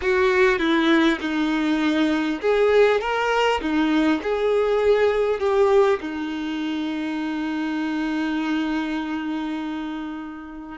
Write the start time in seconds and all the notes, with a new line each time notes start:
0.01 F#4
0.58 E4
1.21 D#4
2.41 G#4
3.01 A#4
3.61 D#4
4.22 G#4
5.39 G4
6.00 D#4